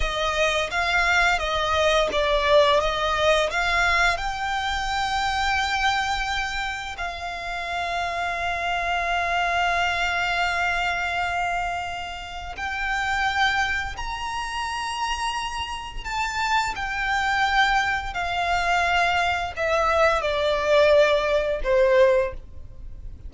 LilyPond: \new Staff \with { instrumentName = "violin" } { \time 4/4 \tempo 4 = 86 dis''4 f''4 dis''4 d''4 | dis''4 f''4 g''2~ | g''2 f''2~ | f''1~ |
f''2 g''2 | ais''2. a''4 | g''2 f''2 | e''4 d''2 c''4 | }